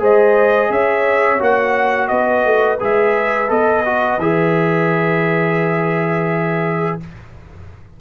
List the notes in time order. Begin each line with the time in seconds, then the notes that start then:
0.00 G#3 G#4 C5 D#5
0.70 C#4 C#5 E5
1.39 A#3 F#4 F#5
2.08 B3 B4 D#5
2.45 A3
2.80 G#3 G#4 E5
3.49 B3 A4 D#5
3.86 F#4
4.18 E3 G#4 E5